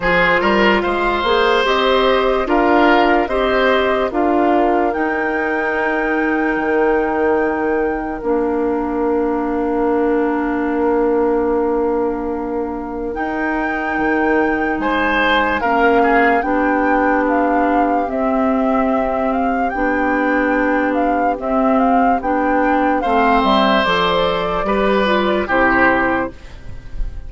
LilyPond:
<<
  \new Staff \with { instrumentName = "flute" } { \time 4/4 \tempo 4 = 73 c''4 f''4 dis''4 f''4 | dis''4 f''4 g''2~ | g''2 f''2~ | f''1 |
g''2 gis''4 f''4 | g''4 f''4 e''4. f''8 | g''4. f''8 e''8 f''8 g''4 | f''8 e''8 d''2 c''4 | }
  \new Staff \with { instrumentName = "oboe" } { \time 4/4 gis'8 ais'8 c''2 ais'4 | c''4 ais'2.~ | ais'1~ | ais'1~ |
ais'2 c''4 ais'8 gis'8 | g'1~ | g'1 | c''2 b'4 g'4 | }
  \new Staff \with { instrumentName = "clarinet" } { \time 4/4 f'4. gis'8 g'4 f'4 | g'4 f'4 dis'2~ | dis'2 d'2~ | d'1 |
dis'2. cis'4 | d'2 c'2 | d'2 c'4 d'4 | c'4 a'4 g'8 f'8 e'4 | }
  \new Staff \with { instrumentName = "bassoon" } { \time 4/4 f8 g8 gis8 ais8 c'4 d'4 | c'4 d'4 dis'2 | dis2 ais2~ | ais1 |
dis'4 dis4 gis4 ais4 | b2 c'2 | b2 c'4 b4 | a8 g8 f4 g4 c4 | }
>>